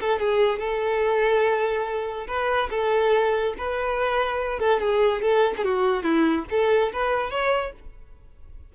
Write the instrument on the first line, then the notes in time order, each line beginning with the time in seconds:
violin
0.00 A4
0.19 G#4
0.59 A4
2.27 B4
2.70 A4
3.57 B4
4.59 A4
4.80 G#4
5.22 A4
5.57 G#4
5.64 F#4
6.02 E4
6.50 A4
6.92 B4
7.30 C#5